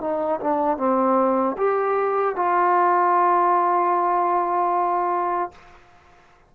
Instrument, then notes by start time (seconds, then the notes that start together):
trombone
0.00 D#4
0.40 D4
0.77 C4
1.57 G4
2.35 F4